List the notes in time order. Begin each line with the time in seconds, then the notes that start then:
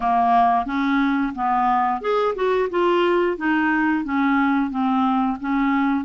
0.00 A#3
0.65 C#4
1.35 B3
2.01 G#4
2.35 F#4
2.70 F4
3.37 D#4
4.04 C#4
4.70 C4
5.40 C#4